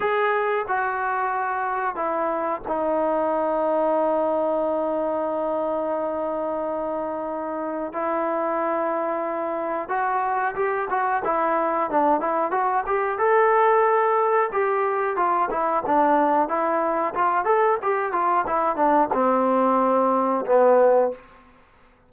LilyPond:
\new Staff \with { instrumentName = "trombone" } { \time 4/4 \tempo 4 = 91 gis'4 fis'2 e'4 | dis'1~ | dis'1 | e'2. fis'4 |
g'8 fis'8 e'4 d'8 e'8 fis'8 g'8 | a'2 g'4 f'8 e'8 | d'4 e'4 f'8 a'8 g'8 f'8 | e'8 d'8 c'2 b4 | }